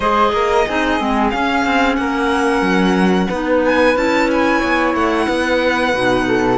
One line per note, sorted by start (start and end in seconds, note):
0.00 0.32 G#3
0.00 0.67 G#4
0.00 0.31 C5
0.00 1.28 D#5
0.32 0.65 A#3
0.32 0.66 A#4
0.66 1.00 C4
0.66 0.98 D#4
0.66 1.98 G#4
0.98 1.33 G#3
0.98 1.31 C4
1.30 3.30 C#4
1.30 1.65 C#4
1.30 1.95 F5
1.65 1.97 C4
1.95 2.61 A#3
1.95 3.28 A#4
1.95 3.60 F#5
2.61 3.27 F#3
3.28 3.96 B3
3.28 3.96 D#4
3.28 4.59 B4
3.64 3.97 G#5
3.96 4.62 C#4
3.96 5.94 E4
3.96 4.30 A5
4.30 4.95 G#5
4.59 4.94 B3
4.59 5.25 C#5
4.94 5.27 A3
4.94 6.57 F#5
5.26 5.93 B3
5.26 6.25 B4
5.93 6.57 B2
5.93 6.57 D#4
6.27 6.57 A4